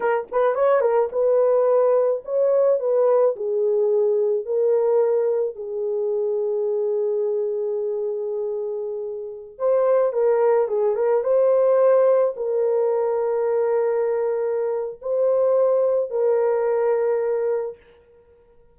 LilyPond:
\new Staff \with { instrumentName = "horn" } { \time 4/4 \tempo 4 = 108 ais'8 b'8 cis''8 ais'8 b'2 | cis''4 b'4 gis'2 | ais'2 gis'2~ | gis'1~ |
gis'4~ gis'16 c''4 ais'4 gis'8 ais'16~ | ais'16 c''2 ais'4.~ ais'16~ | ais'2. c''4~ | c''4 ais'2. | }